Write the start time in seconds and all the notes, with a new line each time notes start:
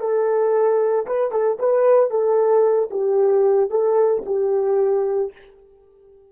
0.00 A4
1.06 B4
1.32 A4
1.60 B4
2.10 A4
2.91 G4
3.70 A4
4.26 G4